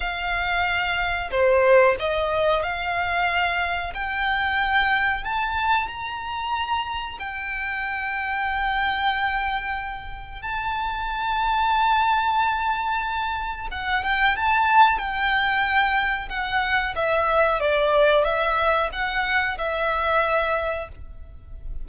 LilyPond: \new Staff \with { instrumentName = "violin" } { \time 4/4 \tempo 4 = 92 f''2 c''4 dis''4 | f''2 g''2 | a''4 ais''2 g''4~ | g''1 |
a''1~ | a''4 fis''8 g''8 a''4 g''4~ | g''4 fis''4 e''4 d''4 | e''4 fis''4 e''2 | }